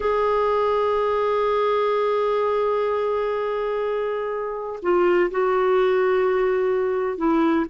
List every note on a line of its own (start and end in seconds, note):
0.00 4.79 G#4
4.82 5.30 F4
5.30 7.17 F#4
7.17 7.65 E4